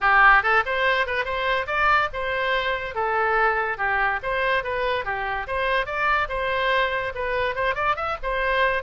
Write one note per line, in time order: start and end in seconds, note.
0.00 0.42 G4
0.42 0.63 A4
0.65 1.06 C5
1.06 1.24 B4
1.24 1.66 C5
1.66 2.08 D5
2.13 2.95 C5
2.95 3.77 A4
3.77 4.19 G4
4.22 4.63 C5
4.63 5.04 B4
5.04 5.46 G4
5.47 5.86 C5
5.86 6.28 D5
6.29 7.13 C5
7.14 7.55 B4
7.55 7.75 C5
7.75 7.95 D5
7.95 8.16 E5
8.22 8.82 C5